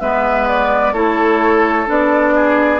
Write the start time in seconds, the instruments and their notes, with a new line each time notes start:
0.00 bassoon G#3, clarinet B3, oboe B4, flute E5
0.48 flute D5
0.93 bassoon A3, clarinet E4, oboe A4, flute C#5
1.86 bassoon B3, clarinet D4, flute D5
2.35 oboe G#4